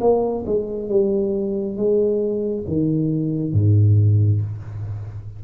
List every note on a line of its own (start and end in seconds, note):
0.00 0.44 A#3
0.46 0.89 G#3
0.89 1.76 G3
1.76 2.65 G#3
2.67 3.53 D#3
3.53 4.41 G#2